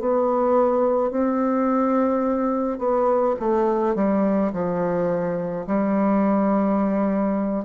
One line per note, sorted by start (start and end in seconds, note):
0.00 1.11 B3
1.11 2.79 C4
2.79 3.36 B3
3.40 3.96 A3
3.96 4.52 G3
4.53 5.66 F3
5.67 7.65 G3